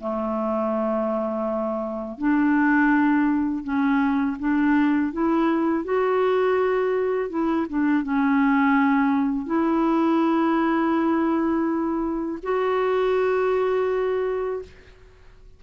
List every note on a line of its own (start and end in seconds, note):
0.00 2.18 A3
2.18 3.64 D4
3.64 4.37 C#4
4.39 5.12 D4
5.13 5.84 E4
5.84 7.30 F#4
7.30 7.66 E4
7.69 8.03 D4
8.03 9.46 C#4
9.46 12.39 E4
12.43 14.62 F#4